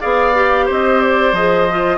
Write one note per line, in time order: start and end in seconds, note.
0.00 0.70 B3
0.00 0.33 G#4
0.00 0.65 D5
0.00 0.67 F5
0.34 1.34 G4
0.65 1.32 C4
0.65 1.97 C5
0.65 1.01 D#5
1.01 1.34 D5
1.32 1.97 F3
1.32 1.69 G#4
1.32 1.97 D#5
1.69 1.97 F4